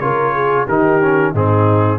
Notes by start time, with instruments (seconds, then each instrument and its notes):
0.00 tuba C#3, trombone F4, horn A#4, trumpet C#5
0.34 horn G#4
0.66 tuba D#3, trombone D#4, horn G4, trumpet A#4
1.02 trombone C#4
1.32 tuba G#2, trombone C4, horn D#4, trumpet G#4